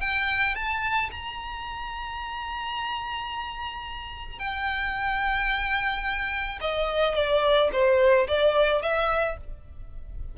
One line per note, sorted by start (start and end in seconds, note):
0.00 0.55 G5
0.55 1.10 A5
1.11 4.39 A#5
4.39 6.59 G5
6.61 7.15 D#5
7.15 7.70 D5
7.72 8.27 C5
8.27 8.82 D5
8.82 9.37 E5